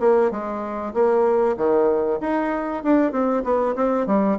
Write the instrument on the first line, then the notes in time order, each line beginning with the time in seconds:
bassoon
0.00 A#3
0.31 G#3
0.94 A#3
1.57 D#3
2.21 D#4
2.84 D4
3.12 C4
3.44 B3
3.76 C4
4.07 G3